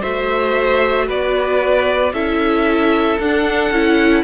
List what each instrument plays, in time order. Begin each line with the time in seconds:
0.00 cello A3, viola F#4, violin C5 E5
1.06 cello B3, violin B4 D5
2.12 cello C#4, viola E4, violin A4 E5
3.19 cello D4, viola D4, violin F#5
3.70 cello C#4, viola E4